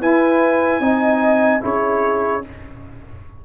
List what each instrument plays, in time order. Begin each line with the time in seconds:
0.00 tuba E4, trombone E4, horn B4, trumpet G#5
0.80 tuba C4, trombone D#4, horn D#5
1.60 tuba C#4, trombone E4, horn G#4, trumpet C#5